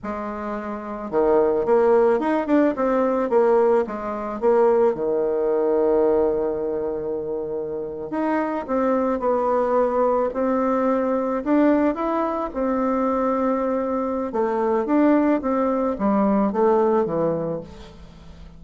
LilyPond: \new Staff \with { instrumentName = "bassoon" } { \time 4/4 \tempo 4 = 109 gis2 dis4 ais4 | dis'8 d'8 c'4 ais4 gis4 | ais4 dis2.~ | dis2~ dis8. dis'4 c'16~ |
c'8. b2 c'4~ c'16~ | c'8. d'4 e'4 c'4~ c'16~ | c'2 a4 d'4 | c'4 g4 a4 e4 | }